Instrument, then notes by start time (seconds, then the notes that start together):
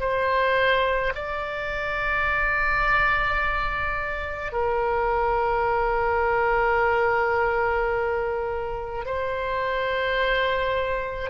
oboe
0.00 C5
1.15 D5
4.52 A#4
9.06 C5